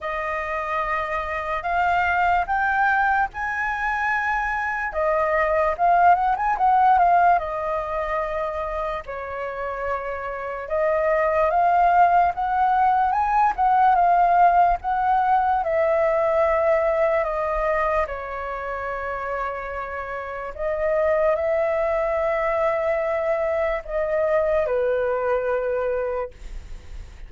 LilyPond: \new Staff \with { instrumentName = "flute" } { \time 4/4 \tempo 4 = 73 dis''2 f''4 g''4 | gis''2 dis''4 f''8 fis''16 gis''16 | fis''8 f''8 dis''2 cis''4~ | cis''4 dis''4 f''4 fis''4 |
gis''8 fis''8 f''4 fis''4 e''4~ | e''4 dis''4 cis''2~ | cis''4 dis''4 e''2~ | e''4 dis''4 b'2 | }